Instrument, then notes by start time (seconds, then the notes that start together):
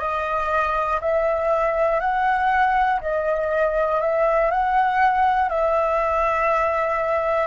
flute
0.00 D#5
1.01 E5
2.00 F#5
3.01 D#5
4.01 E5
4.51 F#5
5.50 E5